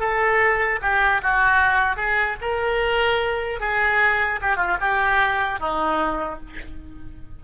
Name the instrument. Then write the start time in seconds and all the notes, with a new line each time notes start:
oboe
0.00 A4
0.82 G4
1.23 F#4
1.97 G#4
2.41 A#4
3.60 G#4
4.42 G4
4.57 F4
4.81 G4
5.60 D#4